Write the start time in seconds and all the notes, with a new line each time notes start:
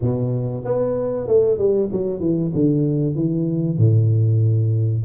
0.01 B2
0.64 B3
1.27 A3
1.58 G3
1.91 F#3
2.20 E3
2.54 D3
3.15 E3
3.77 A2